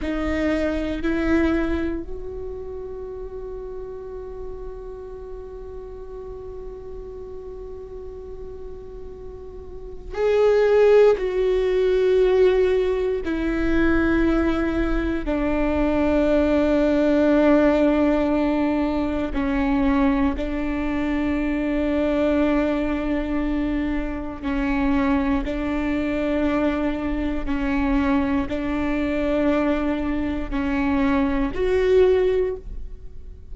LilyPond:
\new Staff \with { instrumentName = "viola" } { \time 4/4 \tempo 4 = 59 dis'4 e'4 fis'2~ | fis'1~ | fis'2 gis'4 fis'4~ | fis'4 e'2 d'4~ |
d'2. cis'4 | d'1 | cis'4 d'2 cis'4 | d'2 cis'4 fis'4 | }